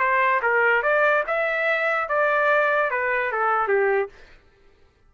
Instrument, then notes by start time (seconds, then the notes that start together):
trumpet
0.00 C5
0.43 A#4
0.83 D5
1.28 E5
2.09 D5
2.91 B4
3.33 A4
3.69 G4